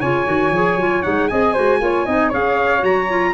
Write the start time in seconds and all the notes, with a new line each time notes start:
0.00 C#3 F4 C#5 G#5
0.25 D#3 F#4
0.50 F3 G#4
0.76 F#3 F4
1.02 G#3 D#4 F#5
1.28 C4 G#4 D#5 G#5
1.52 G#3 F#4 C5
1.80 A#3 F4 C#5
2.05 C4 D#4 D#5
2.29 C#4 G#4 C#5 F5
2.78 F#3 F#4 A#5
3.09 F4